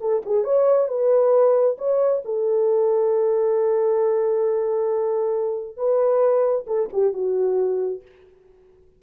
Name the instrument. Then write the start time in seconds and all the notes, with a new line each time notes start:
horn
0.00 A4
0.26 G#4
0.44 C#5
0.88 B4
1.78 C#5
2.25 A4
5.77 B4
6.67 A4
6.93 G4
7.13 F#4